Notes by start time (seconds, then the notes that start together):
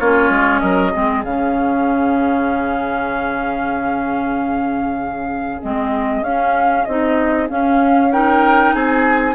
0.00 A#3 C#4 F4 C#5
0.30 G#3
0.60 F#3 A#4 D#5
0.92 G#3 C4 G#4
1.24 C#3 C#4 F5
5.62 G#3 C4 D#5
6.22 C#4 F5
6.85 C4 D#4 D#5
7.49 C#4 F5
8.12 D#4 A#4 G5
8.74 C4 G#4 G#5